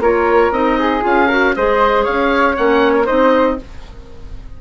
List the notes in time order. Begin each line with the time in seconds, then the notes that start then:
0.00 A#3 F4 A#4 C#5
0.51 C4 D#4 D#5
0.79 G#4
1.01 C#4 F4 F5
1.28 F#4 A#4
1.56 G#3 G#4 C5 D#5
2.04 C#4 C#5 F5
2.54 A#3 C#4 F#5
2.94 A#4
3.05 C4 D#4 C5 D#5